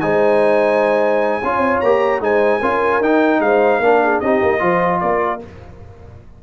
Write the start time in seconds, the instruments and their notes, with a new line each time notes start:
0.00 tuba G#3, trombone D#4, horn C5, trumpet G#5
1.42 tuba C#4, trombone F4, horn C#5
1.58 tuba C4
1.80 tuba A#3, trombone G4, trumpet A#5
2.20 tuba G#3, trombone D#4, horn C5, trumpet G#5
2.60 tuba C#4, trombone F4, horn A#4
3.00 tuba D#4, trombone D#4, trumpet G5
3.39 tuba G#3, horn C5, trumpet F5
3.79 tuba A#3, trombone D4, horn A#4
4.03 horn G#4
4.20 tuba C4, trombone D#4, horn G4, trumpet D#5
4.41 tuba A#3
4.59 tuba F3, trombone F4, horn C5
5.00 tuba A#3, horn A#4, trumpet D5